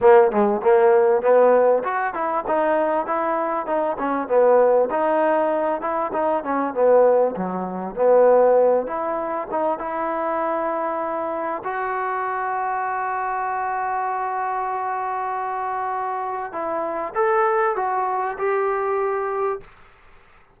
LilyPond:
\new Staff \with { instrumentName = "trombone" } { \time 4/4 \tempo 4 = 98 ais8 gis8 ais4 b4 fis'8 e'8 | dis'4 e'4 dis'8 cis'8 b4 | dis'4. e'8 dis'8 cis'8 b4 | fis4 b4. e'4 dis'8 |
e'2. fis'4~ | fis'1~ | fis'2. e'4 | a'4 fis'4 g'2 | }